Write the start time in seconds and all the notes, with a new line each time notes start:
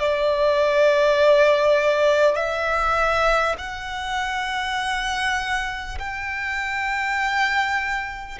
0.00 D5
2.36 E5
3.58 F#5
5.98 G5